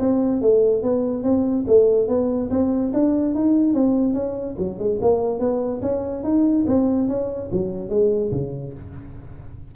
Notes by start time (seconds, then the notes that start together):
0.00 C4
0.42 A3
0.83 B3
1.24 C4
1.68 A3
2.09 B3
2.51 C4
2.94 D4
3.35 D#4
3.74 C4
4.14 C#4
4.59 F#3
4.79 G#3
5.02 A#3
5.40 B3
5.82 C#4
6.24 D#4
6.68 C4
7.09 C#4
7.52 F#3
7.90 G#3
8.32 C#3